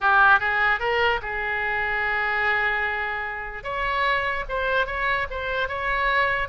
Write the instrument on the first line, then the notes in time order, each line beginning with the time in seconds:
oboe
0.01 G4
0.39 G#4
0.79 A#4
1.22 G#4
3.63 C#5
4.49 C5
4.86 C#5
5.30 C5
5.68 C#5